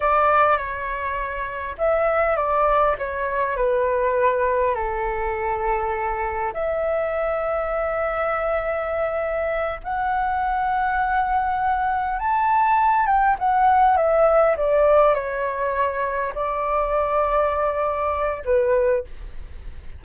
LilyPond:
\new Staff \with { instrumentName = "flute" } { \time 4/4 \tempo 4 = 101 d''4 cis''2 e''4 | d''4 cis''4 b'2 | a'2. e''4~ | e''1~ |
e''8 fis''2.~ fis''8~ | fis''8 a''4. g''8 fis''4 e''8~ | e''8 d''4 cis''2 d''8~ | d''2. b'4 | }